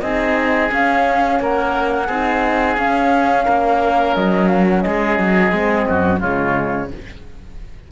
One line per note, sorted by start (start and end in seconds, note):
0.00 0.70 C4
0.00 0.69 D#4
0.00 1.41 G#4
0.00 0.69 D#5
0.69 2.07 C#4
0.69 1.39 C#4
0.69 1.42 F5
1.39 2.08 A#3
1.39 2.06 A#4
1.39 2.78 F#5
2.06 2.77 C4
2.06 2.79 D#4
2.06 3.44 G#4
2.77 3.46 C#4
2.77 5.51 C#4
2.77 4.15 F5
3.44 4.16 A#3
3.44 4.82 A#4
4.15 4.84 F#3
4.15 4.47 D#5
4.47 4.64 F5
4.69 4.81 F#5
4.81 5.19 G#3
4.81 5.89 G#4
4.81 6.19 D#5
5.19 5.52 F#3
5.51 5.86 G#3
5.51 6.20 C4
5.89 6.22 F#2
5.89 6.19 F#4
6.19 6.91 C#3
6.19 6.89 G#3
6.19 6.88 F4
6.19 6.90 C#5